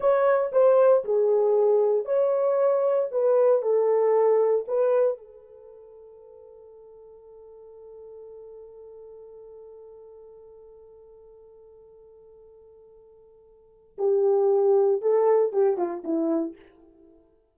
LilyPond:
\new Staff \with { instrumentName = "horn" } { \time 4/4 \tempo 4 = 116 cis''4 c''4 gis'2 | cis''2 b'4 a'4~ | a'4 b'4 a'2~ | a'1~ |
a'1~ | a'1~ | a'2. g'4~ | g'4 a'4 g'8 f'8 e'4 | }